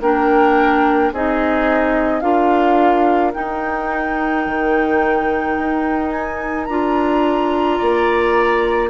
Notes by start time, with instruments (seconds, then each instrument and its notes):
0.00 bassoon A#3, clarinet D4, oboe A#4, flute G5
1.12 bassoon C4, clarinet D#4, oboe G#4, flute D#5
2.20 bassoon D4, clarinet F4, oboe A#4, flute F5
3.33 clarinet D#4, bassoon D#4, flute G5
4.46 bassoon D#3
5.58 bassoon D#4
6.11 flute G#5
6.64 bassoon D4, clarinet F4, flute A#5
7.78 bassoon A#3, oboe D5